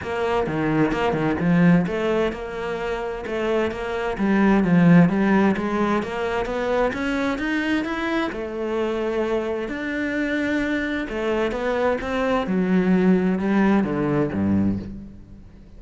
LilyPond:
\new Staff \with { instrumentName = "cello" } { \time 4/4 \tempo 4 = 130 ais4 dis4 ais8 dis8 f4 | a4 ais2 a4 | ais4 g4 f4 g4 | gis4 ais4 b4 cis'4 |
dis'4 e'4 a2~ | a4 d'2. | a4 b4 c'4 fis4~ | fis4 g4 d4 g,4 | }